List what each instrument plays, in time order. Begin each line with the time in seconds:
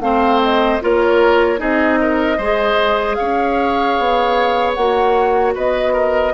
0.00 bassoon A3, clarinet C4, oboe C5, flute F5
0.42 flute D#5
0.81 bassoon A#3, clarinet F4, oboe A#4, flute C#5
1.58 bassoon C4, clarinet D#4, oboe G#4, flute D#5
2.01 oboe A#4
2.38 bassoon G#3, clarinet G#4, oboe C5
3.15 bassoon C#4, oboe C#5, flute F5
3.99 bassoon B3
4.74 bassoon A#3, clarinet F#4, flute F#5
5.55 bassoon B3, oboe B4, flute D#5
5.93 oboe A#4